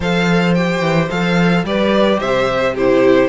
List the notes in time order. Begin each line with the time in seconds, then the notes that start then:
0.00 F3 A4 C5 F5
0.54 G4 G5
0.81 E3
1.09 F3 A4 F5
1.64 G3 G4 B4 D5
2.19 C3 C5 E5
2.74 E4 G4 C5